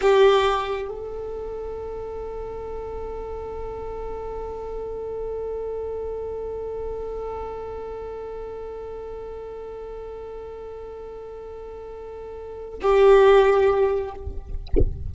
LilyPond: \new Staff \with { instrumentName = "violin" } { \time 4/4 \tempo 4 = 136 g'2 a'2~ | a'1~ | a'1~ | a'1~ |
a'1~ | a'1~ | a'1~ | a'4 g'2. | }